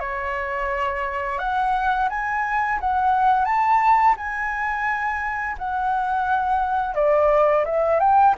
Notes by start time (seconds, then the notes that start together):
0.00 C#5
1.39 F#5
2.10 G#5
2.81 F#5
3.45 A5
4.17 G#5
5.59 F#5
6.95 D5
7.65 E5
8.00 G5